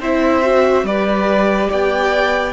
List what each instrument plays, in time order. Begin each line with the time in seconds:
0.00 cello C4, viola E4, violin C5 E5
0.43 viola F#4
0.84 cello G3, viola G4, violin B4 D5
1.69 cello B3, violin D5 G5